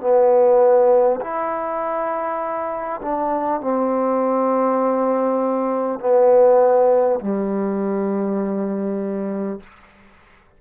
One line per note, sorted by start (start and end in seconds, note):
0.00 1.20 B3
1.21 3.01 E4
3.02 3.61 D4
3.61 5.99 C4
5.99 7.19 B3
7.21 9.61 G3